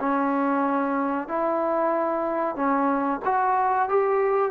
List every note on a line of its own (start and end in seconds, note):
0.00 1.28 C#4
1.28 2.56 E4
2.56 3.21 C#4
3.25 3.89 F#4
3.89 4.52 G4